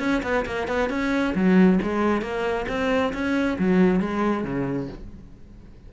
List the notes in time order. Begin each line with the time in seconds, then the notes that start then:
0.00 C#4
0.23 B3
0.46 A#3
0.68 B3
0.90 C#4
1.35 F#3
1.83 G#3
2.22 A#3
2.69 C4
3.14 C#4
3.59 F#3
4.01 G#3
4.44 C#3